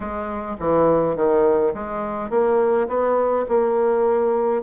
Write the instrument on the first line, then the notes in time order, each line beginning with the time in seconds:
bassoon
0.00 G#3
0.59 E3
1.16 D#3
1.74 G#3
2.29 A#3
2.88 B3
3.48 A#3